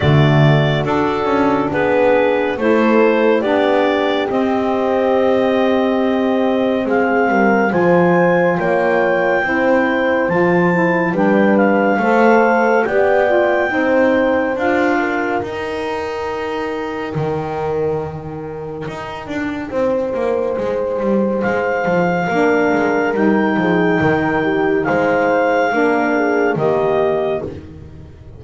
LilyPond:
<<
  \new Staff \with { instrumentName = "clarinet" } { \time 4/4 \tempo 4 = 70 d''4 a'4 b'4 c''4 | d''4 dis''2. | f''4 gis''4 g''2 | a''4 g''8 f''4. g''4~ |
g''4 f''4 g''2~ | g''1~ | g''4 f''2 g''4~ | g''4 f''2 dis''4 | }
  \new Staff \with { instrumentName = "horn" } { \time 4/4 fis'2 gis'4 a'4 | g'1 | gis'8 ais'8 c''4 cis''4 c''4~ | c''4 b'4 c''4 d''4 |
c''4. ais'2~ ais'8~ | ais'2. c''4~ | c''2 ais'4. gis'8 | ais'8 g'8 c''4 ais'8 gis'8 g'4 | }
  \new Staff \with { instrumentName = "saxophone" } { \time 4/4 a4 d'2 e'4 | d'4 c'2.~ | c'4 f'2 e'4 | f'8 e'8 d'4 a'4 g'8 f'8 |
dis'4 f'4 dis'2~ | dis'1~ | dis'2 d'4 dis'4~ | dis'2 d'4 ais4 | }
  \new Staff \with { instrumentName = "double bass" } { \time 4/4 d4 d'8 cis'8 b4 a4 | b4 c'2. | gis8 g8 f4 ais4 c'4 | f4 g4 a4 b4 |
c'4 d'4 dis'2 | dis2 dis'8 d'8 c'8 ais8 | gis8 g8 gis8 f8 ais8 gis8 g8 f8 | dis4 gis4 ais4 dis4 | }
>>